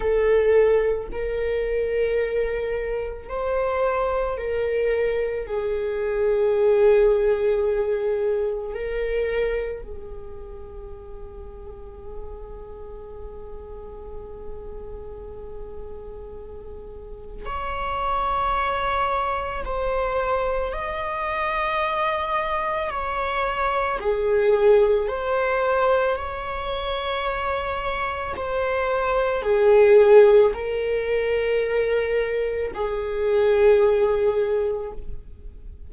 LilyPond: \new Staff \with { instrumentName = "viola" } { \time 4/4 \tempo 4 = 55 a'4 ais'2 c''4 | ais'4 gis'2. | ais'4 gis'2.~ | gis'1 |
cis''2 c''4 dis''4~ | dis''4 cis''4 gis'4 c''4 | cis''2 c''4 gis'4 | ais'2 gis'2 | }